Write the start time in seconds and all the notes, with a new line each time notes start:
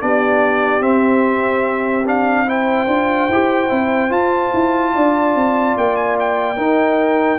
0.00 B3 D4 G4 D5
0.80 C4 E5
2.05 D4 F5
2.46 E4 C5 G5
2.87 D4 F4
3.28 E4 G4
3.69 C4 E4
4.10 F4 A5
4.53 E4
4.94 D4 D5
5.35 C4
5.77 A#3 G5
5.96 G#5
6.19 G5
6.56 D#4 A#4